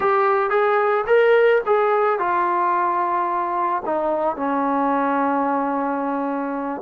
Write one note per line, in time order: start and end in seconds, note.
0.00 0.50 G4
0.50 1.04 G#4
1.07 1.61 A#4
1.66 2.19 G#4
2.19 3.82 F4
3.85 4.36 D#4
4.36 6.81 C#4